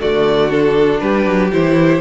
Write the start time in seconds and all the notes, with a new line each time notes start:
0.00 D3 A3 F#4 D5
0.50 D4 A4
1.00 G3 G4 B4
1.26 F#3
1.52 E3 E4 C5